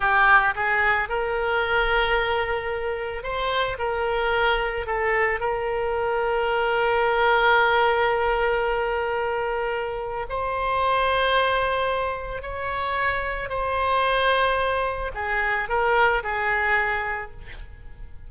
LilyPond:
\new Staff \with { instrumentName = "oboe" } { \time 4/4 \tempo 4 = 111 g'4 gis'4 ais'2~ | ais'2 c''4 ais'4~ | ais'4 a'4 ais'2~ | ais'1~ |
ais'2. c''4~ | c''2. cis''4~ | cis''4 c''2. | gis'4 ais'4 gis'2 | }